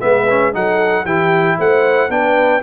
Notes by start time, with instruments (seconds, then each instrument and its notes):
0.00 tuba G#3, trombone B3, horn B4, trumpet E5
0.29 trombone C#4
0.53 tuba F#3, trombone D#4, horn A4, trumpet F#5
1.04 tuba E3, trombone E4, horn G4, trumpet G5
1.58 tuba A3, horn C5, trumpet F#5
2.09 tuba B3, trombone D4, horn B4, trumpet G5